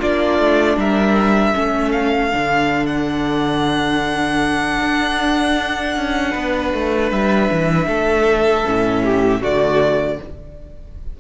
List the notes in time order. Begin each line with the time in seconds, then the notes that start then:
0.00 A#3 D4 F4 D5
0.39 A3
0.77 G3 A#4 E5
1.53 A3 C#4 A4
1.92 F5
2.31 D3 D4
2.87 F#5
4.81 D4
5.96 C#4
6.32 B3 B4
6.74 A3
7.12 G3 E5
7.52 E3
7.88 A3 A4
8.66 A2 C#4
9.04 G4
9.42 D3 A3 F#4 D5